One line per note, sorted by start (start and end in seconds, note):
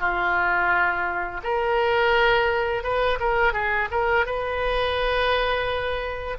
0.00 1.41 F4
1.44 2.84 A#4
2.84 3.19 B4
3.20 3.54 A#4
3.54 3.89 G#4
3.91 4.26 A#4
4.26 6.38 B4